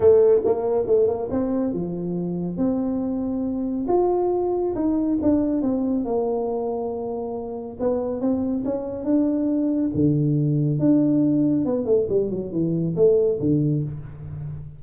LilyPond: \new Staff \with { instrumentName = "tuba" } { \time 4/4 \tempo 4 = 139 a4 ais4 a8 ais8 c'4 | f2 c'2~ | c'4 f'2 dis'4 | d'4 c'4 ais2~ |
ais2 b4 c'4 | cis'4 d'2 d4~ | d4 d'2 b8 a8 | g8 fis8 e4 a4 d4 | }